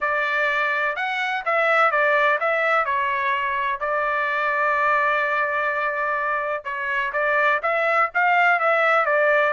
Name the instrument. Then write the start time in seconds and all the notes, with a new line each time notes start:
trumpet
0.01 D5
0.95 F#5
1.45 E5
1.91 D5
2.40 E5
2.85 C#5
3.80 D5
6.64 C#5
7.13 D5
7.62 E5
8.14 F5
8.59 E5
9.05 D5